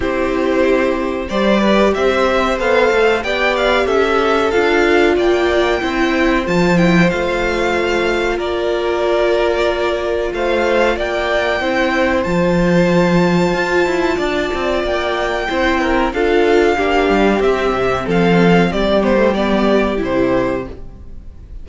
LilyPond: <<
  \new Staff \with { instrumentName = "violin" } { \time 4/4 \tempo 4 = 93 c''2 d''4 e''4 | f''4 g''8 f''8 e''4 f''4 | g''2 a''8 g''8 f''4~ | f''4 d''2. |
f''4 g''2 a''4~ | a''2. g''4~ | g''4 f''2 e''4 | f''4 d''8 c''8 d''4 c''4 | }
  \new Staff \with { instrumentName = "violin" } { \time 4/4 g'2 c''8 b'8 c''4~ | c''4 d''4 a'2 | d''4 c''2.~ | c''4 ais'2. |
c''4 d''4 c''2~ | c''2 d''2 | c''8 ais'8 a'4 g'2 | a'4 g'2. | }
  \new Staff \with { instrumentName = "viola" } { \time 4/4 e'2 g'2 | a'4 g'2 f'4~ | f'4 e'4 f'8 e'8 f'4~ | f'1~ |
f'2 e'4 f'4~ | f'1 | e'4 f'4 d'4 c'4~ | c'4. b16 a16 b4 e'4 | }
  \new Staff \with { instrumentName = "cello" } { \time 4/4 c'2 g4 c'4 | b8 a8 b4 cis'4 d'4 | ais4 c'4 f4 a4~ | a4 ais2. |
a4 ais4 c'4 f4~ | f4 f'8 e'8 d'8 c'8 ais4 | c'4 d'4 ais8 g8 c'8 c8 | f4 g2 c4 | }
>>